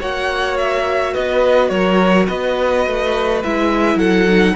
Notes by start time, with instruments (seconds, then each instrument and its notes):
0.00 cello A#3, viola F#4, violin C#5 F#5
0.58 violin E5
1.14 cello B3, violin B4 D#5
1.69 cello F#3, violin A#4 C#5
2.28 cello B3, violin B4 D#5
2.87 cello A3
3.43 cello G#3, viola E4, violin E5
3.96 cello F#3, violin A4 F#5
4.28 viola D#4